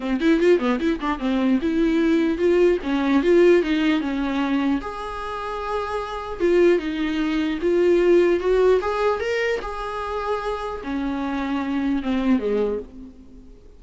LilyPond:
\new Staff \with { instrumentName = "viola" } { \time 4/4 \tempo 4 = 150 c'8 e'8 f'8 b8 e'8 d'8 c'4 | e'2 f'4 cis'4 | f'4 dis'4 cis'2 | gis'1 |
f'4 dis'2 f'4~ | f'4 fis'4 gis'4 ais'4 | gis'2. cis'4~ | cis'2 c'4 gis4 | }